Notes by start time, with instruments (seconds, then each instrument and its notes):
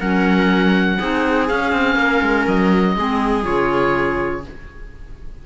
0.00 cello F#3, clarinet C#4, viola A#4, oboe F#5
0.99 cello C4, clarinet D#4, viola G#4
1.48 clarinet C#4, cello C#4, oboe F5
1.72 cello C4
1.96 cello A#3, viola A#4
2.22 cello G#3
2.47 cello F#3, oboe D#5
2.97 cello G#3, clarinet C4, viola G#4
3.44 cello C#3, clarinet F4, oboe C#5